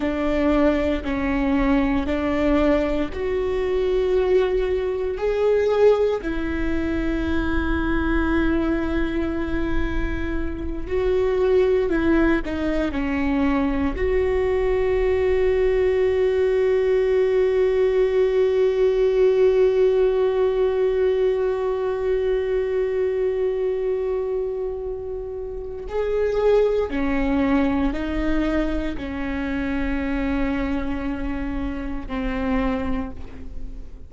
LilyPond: \new Staff \with { instrumentName = "viola" } { \time 4/4 \tempo 4 = 58 d'4 cis'4 d'4 fis'4~ | fis'4 gis'4 e'2~ | e'2~ e'8 fis'4 e'8 | dis'8 cis'4 fis'2~ fis'8~ |
fis'1~ | fis'1~ | fis'4 gis'4 cis'4 dis'4 | cis'2. c'4 | }